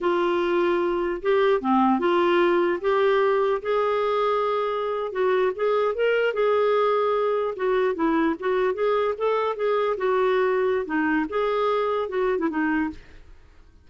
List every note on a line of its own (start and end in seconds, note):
0.00 1.21 F4
1.22 1.60 G4
1.60 1.99 C4
1.99 2.79 F4
2.81 3.61 G4
3.61 5.11 G#4
5.11 5.52 F#4
5.55 5.94 G#4
5.94 6.33 A#4
6.33 7.54 G#4
7.56 7.95 F#4
7.95 8.35 E4
8.39 8.74 F#4
8.74 9.14 G#4
9.17 9.56 A4
9.56 9.96 G#4
9.97 10.85 F#4
10.85 11.25 D#4
11.29 12.08 G#4
12.08 12.38 F#4
12.38 12.48 E4
12.49 12.90 D#4